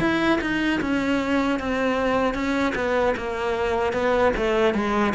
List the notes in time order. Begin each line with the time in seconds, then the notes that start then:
0.00 E4
0.41 D#4
0.81 C#4
1.60 C4
2.34 C#4
2.75 B3
3.17 A#3
3.93 B3
4.37 A3
4.74 G#3